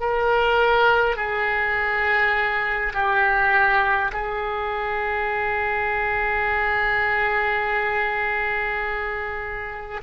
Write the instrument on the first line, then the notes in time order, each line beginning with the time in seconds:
oboe
0.00 A#4
1.16 G#4
2.94 G4
4.12 G#4